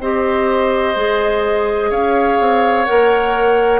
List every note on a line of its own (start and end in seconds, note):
0.00 0.95 C4
0.00 0.96 G4
0.00 1.90 C5
0.00 1.91 D#5
0.96 1.91 G#3
0.96 2.86 G#4
1.90 2.39 C#4
1.90 3.80 C#5
1.90 2.85 F5
2.40 2.88 C4
2.85 3.80 A#3
2.85 3.80 A#4
2.85 3.80 F#5